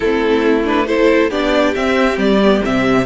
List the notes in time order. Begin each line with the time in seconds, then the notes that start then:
0.00 A3 C4 E4 A4
0.64 D4 B4
0.86 E4 A4 C5
1.29 B3 D4 G4 D5
1.74 C4 E5
2.17 G3 D5
2.43 B3
2.62 C3 C4 E5